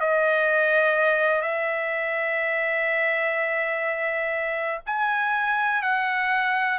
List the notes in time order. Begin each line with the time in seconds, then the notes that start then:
0.00 D#5
1.42 E5
4.86 G#5
5.82 F#5